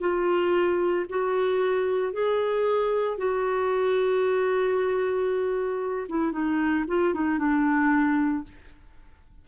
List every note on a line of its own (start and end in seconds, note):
0.00 1.05 F4
1.09 2.12 F#4
2.12 3.17 G#4
3.17 6.07 F#4
6.08 6.32 E4
6.32 6.84 D#4
6.87 7.13 F4
7.13 7.38 D#4
7.38 8.44 D4